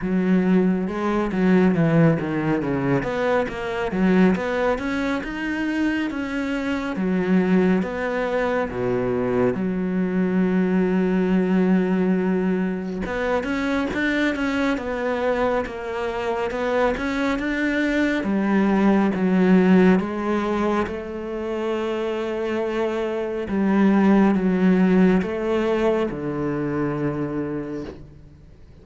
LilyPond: \new Staff \with { instrumentName = "cello" } { \time 4/4 \tempo 4 = 69 fis4 gis8 fis8 e8 dis8 cis8 b8 | ais8 fis8 b8 cis'8 dis'4 cis'4 | fis4 b4 b,4 fis4~ | fis2. b8 cis'8 |
d'8 cis'8 b4 ais4 b8 cis'8 | d'4 g4 fis4 gis4 | a2. g4 | fis4 a4 d2 | }